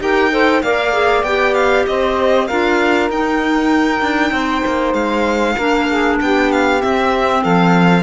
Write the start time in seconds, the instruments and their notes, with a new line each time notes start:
0.00 cello D#4, clarinet G4, saxophone A#4, violin G5
0.31 clarinet A4, saxophone C5
0.63 cello A#3, clarinet A#4, saxophone D5, violin F5
0.93 clarinet G#4
1.23 cello B3, clarinet G4, violin G5
1.55 violin F5
1.86 cello C4, saxophone C5, violin D#5
2.47 cello D4, clarinet F4, saxophone A#4, violin F5
3.10 cello D#4, clarinet D#4, violin G5
4.02 cello D4
4.31 cello C4, saxophone C5
4.66 cello A#3
4.94 cello G#3, violin F5
5.55 cello A#3, clarinet D4, saxophone A#4
5.89 saxophone G#4
6.21 cello B3, saxophone G4, violin G5
6.52 violin F5
6.80 clarinet C4, cello C4, violin E5
7.42 cello F3, saxophone A4, violin F5